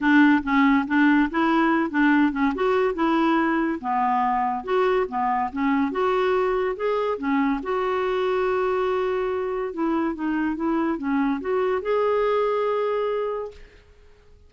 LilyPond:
\new Staff \with { instrumentName = "clarinet" } { \time 4/4 \tempo 4 = 142 d'4 cis'4 d'4 e'4~ | e'8 d'4 cis'8 fis'4 e'4~ | e'4 b2 fis'4 | b4 cis'4 fis'2 |
gis'4 cis'4 fis'2~ | fis'2. e'4 | dis'4 e'4 cis'4 fis'4 | gis'1 | }